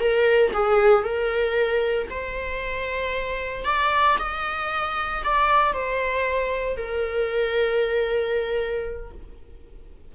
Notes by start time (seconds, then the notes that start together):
0.00 A#4
0.54 G#4
1.04 A#4
2.10 C5
3.65 D5
4.19 D#5
5.24 D5
5.74 C5
6.77 A#4